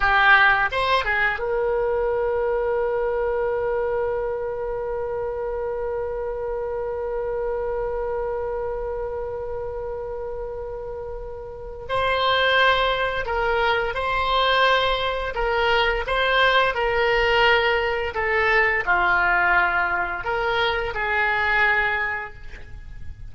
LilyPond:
\new Staff \with { instrumentName = "oboe" } { \time 4/4 \tempo 4 = 86 g'4 c''8 gis'8 ais'2~ | ais'1~ | ais'1~ | ais'1~ |
ais'4 c''2 ais'4 | c''2 ais'4 c''4 | ais'2 a'4 f'4~ | f'4 ais'4 gis'2 | }